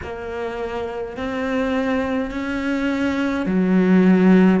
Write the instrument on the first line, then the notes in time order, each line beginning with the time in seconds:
cello
0.03 A#3
1.16 C4
2.31 C#4
3.46 F#3